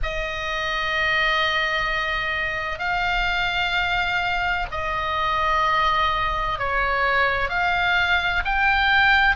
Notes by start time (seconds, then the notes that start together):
0.03 D#5
2.79 F5
4.71 D#5
6.59 C#5
7.49 F5
8.45 G5